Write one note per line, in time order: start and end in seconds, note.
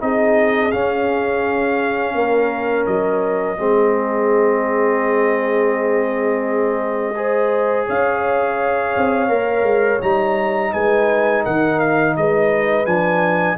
0.00 0.74 C4
0.00 0.71 D#4
0.00 2.15 G#4
0.00 0.72 D#5
0.72 3.58 C#4
0.72 2.15 C#4
0.72 2.86 F5
2.15 2.86 A#3
2.15 3.58 A#4
2.87 3.58 F#3
2.87 7.87 D#5
3.58 7.88 G#3
3.58 7.15 C4
3.58 7.16 G#4
7.16 9.29 G#4
7.16 7.87 C5
7.87 8.97 C#4
7.87 10.73 C#5
7.87 10.02 F5
8.97 9.29 C4
9.29 9.63 A#3
9.29 10.01 A#4
9.63 9.99 G#3
10.01 10.74 G3
10.01 12.86 D#4
10.01 10.73 A#5
10.73 11.46 G#3
10.73 11.43 B4
10.73 11.45 G#5
11.43 12.17 D#3
11.43 12.15 A#4
11.43 11.80 F#5
11.80 12.16 F5
12.17 12.86 G#3
12.17 13.59 B4
12.17 12.86 D#5
12.86 13.58 F3
12.86 13.58 D4
12.86 13.58 G#5